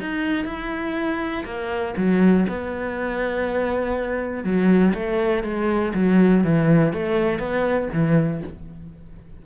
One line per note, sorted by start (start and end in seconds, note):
0.00 0.45 D#4
0.45 1.44 E4
1.45 1.94 A#3
1.97 2.46 F#3
2.48 4.44 B3
4.44 4.93 F#3
4.94 5.43 A3
5.43 5.93 G#3
5.94 6.44 F#3
6.44 6.93 E3
6.93 7.39 A3
7.39 7.88 B3
7.93 8.43 E3